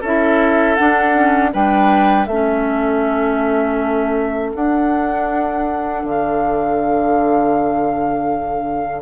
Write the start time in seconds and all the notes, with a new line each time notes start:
0.00 C#4 E4 A4 E5
0.75 D4 F#5
1.13 C#4
1.52 G3 D4 B4 G5
2.26 A3 C#4 A4 E5
4.55 D4 F#5
6.04 D3 F5